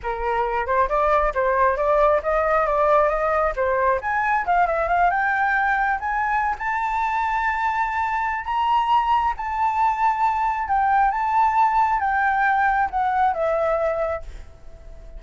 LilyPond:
\new Staff \with { instrumentName = "flute" } { \time 4/4 \tempo 4 = 135 ais'4. c''8 d''4 c''4 | d''4 dis''4 d''4 dis''4 | c''4 gis''4 f''8 e''8 f''8 g''8~ | g''4. gis''4~ gis''16 a''4~ a''16~ |
a''2. ais''4~ | ais''4 a''2. | g''4 a''2 g''4~ | g''4 fis''4 e''2 | }